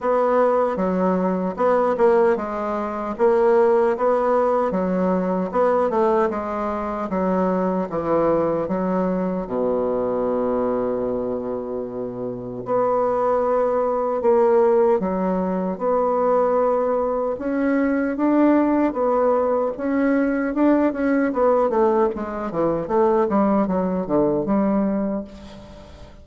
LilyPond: \new Staff \with { instrumentName = "bassoon" } { \time 4/4 \tempo 4 = 76 b4 fis4 b8 ais8 gis4 | ais4 b4 fis4 b8 a8 | gis4 fis4 e4 fis4 | b,1 |
b2 ais4 fis4 | b2 cis'4 d'4 | b4 cis'4 d'8 cis'8 b8 a8 | gis8 e8 a8 g8 fis8 d8 g4 | }